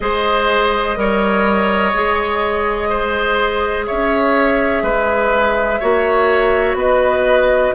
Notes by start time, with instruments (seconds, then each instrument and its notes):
0.00 bassoon G#3, clarinet G#4, oboe C5, flute D#5
0.96 bassoon G3, clarinet A#4, oboe C#5
1.94 bassoon G#3, clarinet G#4
2.89 oboe C5
3.86 bassoon C#4, oboe C#5, flute E5
4.82 bassoon G#3, oboe B4
5.79 bassoon A#3, clarinet F#4, oboe C#5
6.74 bassoon B3, oboe B4, flute D#5